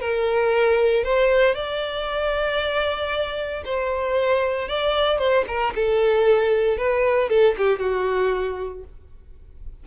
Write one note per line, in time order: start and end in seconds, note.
0.00 1.04 A#4
1.04 1.55 C5
1.55 3.63 D5
3.65 4.68 C5
4.68 5.18 D5
5.18 5.44 C5
5.47 5.73 A#4
5.75 6.77 A4
6.77 7.29 B4
7.29 7.55 A4
7.57 7.79 G4
7.79 8.83 F#4